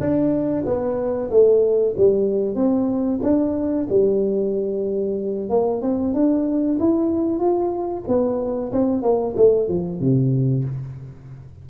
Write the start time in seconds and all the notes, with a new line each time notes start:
0.00 D4
0.65 B3
1.30 A3
1.97 G3
2.55 C4
3.23 D4
3.89 G3
5.50 A#3
5.82 C4
6.14 D4
6.79 E4
7.39 F4
8.08 B3
8.72 C4
9.02 A#3
9.37 A3
9.68 F3
10.00 C3